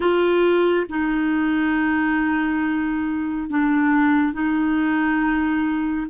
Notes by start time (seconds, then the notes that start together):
0.00 F4
0.89 D#4
3.49 D4
4.33 D#4